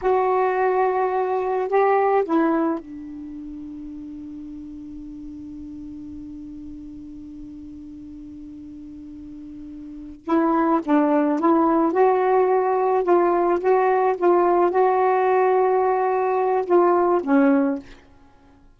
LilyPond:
\new Staff \with { instrumentName = "saxophone" } { \time 4/4 \tempo 4 = 108 fis'2. g'4 | e'4 d'2.~ | d'1~ | d'1~ |
d'2~ d'8 e'4 d'8~ | d'8 e'4 fis'2 f'8~ | f'8 fis'4 f'4 fis'4.~ | fis'2 f'4 cis'4 | }